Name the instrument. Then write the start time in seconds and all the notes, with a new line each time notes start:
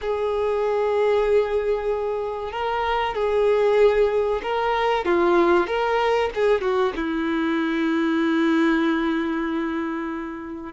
violin
0.01 G#4
2.52 A#4
3.14 G#4
4.42 A#4
5.05 F4
5.67 A#4
6.34 G#4
6.61 F#4
6.96 E4